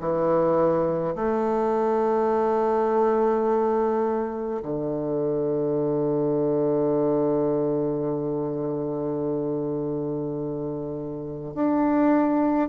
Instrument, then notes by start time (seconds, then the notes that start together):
bassoon
0.00 E3
1.15 A3
4.63 D3
11.55 D4